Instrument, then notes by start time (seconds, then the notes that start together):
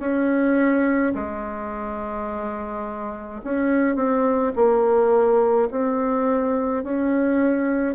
bassoon
0.00 C#4
1.15 G#3
3.44 C#4
3.96 C4
4.56 A#3
5.71 C4
6.84 C#4